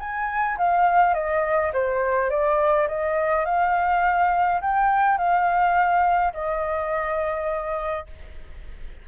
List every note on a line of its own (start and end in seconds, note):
0.00 0.58 G#5
0.58 1.14 F5
1.14 1.72 D#5
1.73 2.30 C5
2.30 2.88 D5
2.88 3.46 D#5
3.46 4.61 F5
4.61 5.18 G5
5.18 6.33 F5
6.34 8.07 D#5